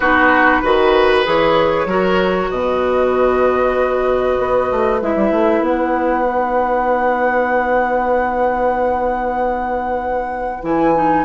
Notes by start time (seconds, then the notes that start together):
0.00 B3 D#4 F#4 B4
0.61 D#3 F#4 B4
1.24 E3 G#4 C#5
1.85 F#3 F#4 A#4
2.50 B2 B4 D#5
4.38 B3
4.71 A3
5.01 G#3 E4 E5
5.15 G3
5.30 A3
5.60 B3 F#5
6.24 D#4
10.62 E3 E4 G#5
10.94 D#4